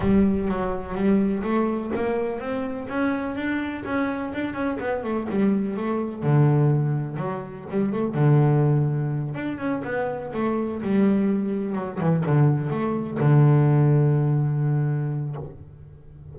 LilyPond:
\new Staff \with { instrumentName = "double bass" } { \time 4/4 \tempo 4 = 125 g4 fis4 g4 a4 | ais4 c'4 cis'4 d'4 | cis'4 d'8 cis'8 b8 a8 g4 | a4 d2 fis4 |
g8 a8 d2~ d8 d'8 | cis'8 b4 a4 g4.~ | g8 fis8 e8 d4 a4 d8~ | d1 | }